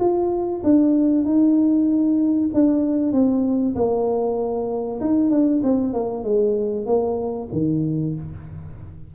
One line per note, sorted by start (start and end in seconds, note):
0.00 0.62 F4
0.64 1.25 D4
1.25 2.50 D#4
2.54 3.13 D4
3.13 3.75 C4
3.76 5.01 A#3
5.01 5.31 D#4
5.31 5.62 D4
5.64 5.93 C4
5.93 6.24 A#3
6.24 6.86 G#3
6.86 7.49 A#3
7.53 8.15 D#3